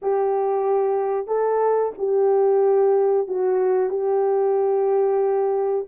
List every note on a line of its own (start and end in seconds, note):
0.01 1.27 G4
1.27 1.92 A4
1.98 3.27 G4
3.27 3.90 F#4
3.90 5.85 G4